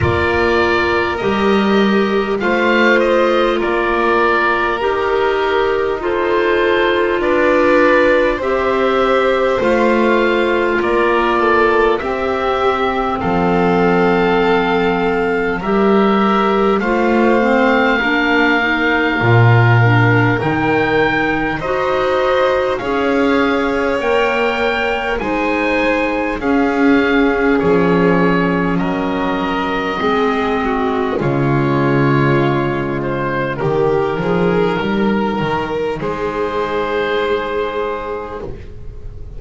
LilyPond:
<<
  \new Staff \with { instrumentName = "oboe" } { \time 4/4 \tempo 4 = 50 d''4 dis''4 f''8 dis''8 d''4 | ais'4 c''4 d''4 e''4 | f''4 d''4 e''4 f''4~ | f''4 e''4 f''2~ |
f''4 g''4 dis''4 f''4 | g''4 gis''4 f''4 cis''4 | dis''2 cis''4. c''8 | ais'2 c''2 | }
  \new Staff \with { instrumentName = "violin" } { \time 4/4 ais'2 c''4 ais'4~ | ais'4 a'4 b'4 c''4~ | c''4 ais'8 a'8 g'4 a'4~ | a'4 ais'4 c''4 ais'4~ |
ais'2 c''4 cis''4~ | cis''4 c''4 gis'2 | ais'4 gis'8 fis'8 f'2 | g'8 gis'8 ais'4 gis'2 | }
  \new Staff \with { instrumentName = "clarinet" } { \time 4/4 f'4 g'4 f'2 | g'4 f'2 g'4 | f'2 c'2~ | c'4 g'4 f'8 c'8 d'8 dis'8 |
f'8 d'8 dis'4 fis'4 gis'4 | ais'4 dis'4 cis'2~ | cis'4 c'4 gis2 | dis'1 | }
  \new Staff \with { instrumentName = "double bass" } { \time 4/4 ais4 g4 a4 ais4 | dis'2 d'4 c'4 | a4 ais4 c'4 f4~ | f4 g4 a4 ais4 |
ais,4 dis4 dis'4 cis'4 | ais4 gis4 cis'4 f4 | fis4 gis4 cis2 | dis8 f8 g8 dis8 gis2 | }
>>